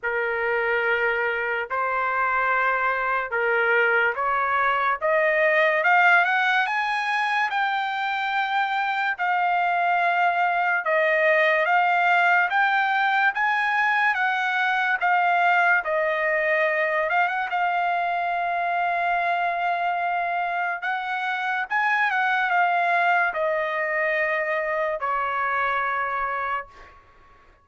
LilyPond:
\new Staff \with { instrumentName = "trumpet" } { \time 4/4 \tempo 4 = 72 ais'2 c''2 | ais'4 cis''4 dis''4 f''8 fis''8 | gis''4 g''2 f''4~ | f''4 dis''4 f''4 g''4 |
gis''4 fis''4 f''4 dis''4~ | dis''8 f''16 fis''16 f''2.~ | f''4 fis''4 gis''8 fis''8 f''4 | dis''2 cis''2 | }